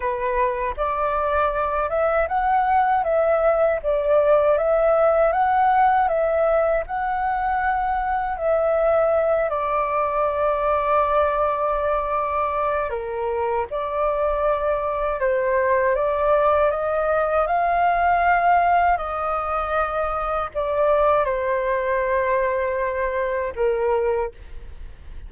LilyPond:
\new Staff \with { instrumentName = "flute" } { \time 4/4 \tempo 4 = 79 b'4 d''4. e''8 fis''4 | e''4 d''4 e''4 fis''4 | e''4 fis''2 e''4~ | e''8 d''2.~ d''8~ |
d''4 ais'4 d''2 | c''4 d''4 dis''4 f''4~ | f''4 dis''2 d''4 | c''2. ais'4 | }